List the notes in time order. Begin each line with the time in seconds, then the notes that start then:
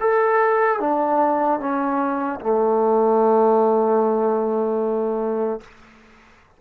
0.00 A4
0.80 D4
1.60 C#4
2.40 A3